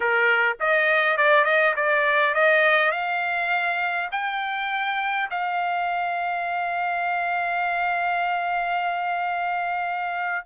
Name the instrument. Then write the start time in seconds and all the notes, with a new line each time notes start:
trumpet
0.00 A#4
0.60 D#5
1.17 D5
1.44 D#5
1.76 D5
2.34 D#5
2.91 F5
4.11 G5
5.30 F5